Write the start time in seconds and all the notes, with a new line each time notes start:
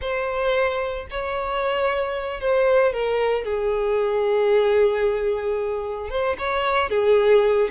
0.01 C5
1.10 C#5
2.40 C5
2.93 A#4
3.44 G#4
6.09 C5
6.38 C#5
6.89 G#4